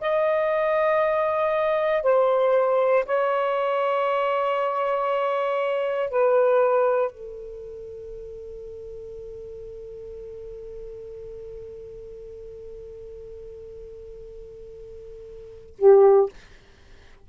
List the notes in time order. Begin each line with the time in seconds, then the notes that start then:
0.00 D#5
2.02 C5
3.05 C#5
6.10 B4
7.11 A4
15.78 G4